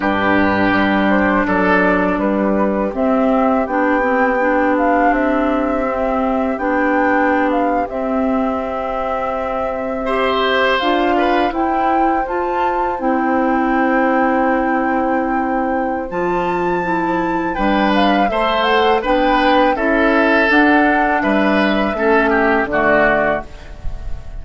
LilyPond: <<
  \new Staff \with { instrumentName = "flute" } { \time 4/4 \tempo 4 = 82 b'4. c''8 d''4 b'4 | e''4 g''4. f''8 e''4~ | e''4 g''4~ g''16 f''8 e''4~ e''16~ | e''2~ e''8. f''4 g''16~ |
g''8. a''4 g''2~ g''16~ | g''2 a''2 | g''8 f''8 e''8 fis''8 g''4 e''4 | fis''4 e''2 d''4 | }
  \new Staff \with { instrumentName = "oboe" } { \time 4/4 g'2 a'4 g'4~ | g'1~ | g'1~ | g'4.~ g'16 c''4. b'8 c''16~ |
c''1~ | c''1 | b'4 c''4 b'4 a'4~ | a'4 b'4 a'8 g'8 fis'4 | }
  \new Staff \with { instrumentName = "clarinet" } { \time 4/4 d'1 | c'4 d'8 c'8 d'2 | c'4 d'4.~ d'16 c'4~ c'16~ | c'4.~ c'16 g'4 f'4 e'16~ |
e'8. f'4 e'2~ e'16~ | e'2 f'4 e'4 | d'4 a'4 d'4 e'4 | d'2 cis'4 a4 | }
  \new Staff \with { instrumentName = "bassoon" } { \time 4/4 g,4 g4 fis4 g4 | c'4 b2 c'4~ | c'4 b4.~ b16 c'4~ c'16~ | c'2~ c'8. d'4 e'16~ |
e'8. f'4 c'2~ c'16~ | c'2 f2 | g4 a4 b4 cis'4 | d'4 g4 a4 d4 | }
>>